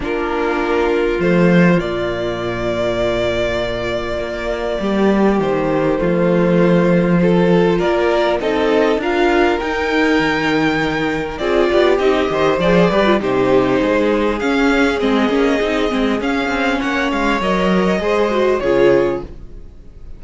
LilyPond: <<
  \new Staff \with { instrumentName = "violin" } { \time 4/4 \tempo 4 = 100 ais'2 c''4 d''4~ | d''1~ | d''4 c''2.~ | c''4 d''4 dis''4 f''4 |
g''2. d''4 | dis''4 d''4 c''2 | f''4 dis''2 f''4 | fis''8 f''8 dis''2 cis''4 | }
  \new Staff \with { instrumentName = "violin" } { \time 4/4 f'1~ | f'1 | g'2 f'2 | a'4 ais'4 a'4 ais'4~ |
ais'2. gis'8 g'8~ | g'8 c''4 b'8 g'4 gis'4~ | gis'1 | cis''2 c''4 gis'4 | }
  \new Staff \with { instrumentName = "viola" } { \time 4/4 d'2 a4 ais4~ | ais1~ | ais2 a2 | f'2 dis'4 f'4 |
dis'2. f'4 | dis'8 g'8 gis'8 g'16 f'16 dis'2 | cis'4 c'8 cis'8 dis'8 c'8 cis'4~ | cis'4 ais'4 gis'8 fis'8 f'4 | }
  \new Staff \with { instrumentName = "cello" } { \time 4/4 ais2 f4 ais,4~ | ais,2. ais4 | g4 dis4 f2~ | f4 ais4 c'4 d'4 |
dis'4 dis2 c'8 b8 | c'8 dis8 f8 g8 c4 gis4 | cis'4 gis8 ais8 c'8 gis8 cis'8 c'8 | ais8 gis8 fis4 gis4 cis4 | }
>>